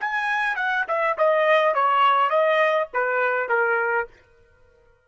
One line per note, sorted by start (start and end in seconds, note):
0.00 0.56 G#5
0.56 0.85 F#5
0.87 1.17 E5
1.18 1.74 D#5
1.74 2.30 C#5
2.30 2.88 D#5
2.93 3.49 B4
3.49 4.07 A#4